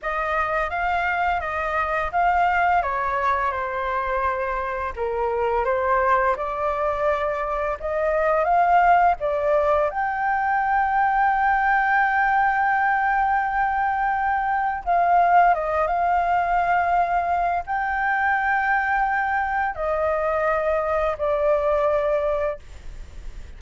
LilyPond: \new Staff \with { instrumentName = "flute" } { \time 4/4 \tempo 4 = 85 dis''4 f''4 dis''4 f''4 | cis''4 c''2 ais'4 | c''4 d''2 dis''4 | f''4 d''4 g''2~ |
g''1~ | g''4 f''4 dis''8 f''4.~ | f''4 g''2. | dis''2 d''2 | }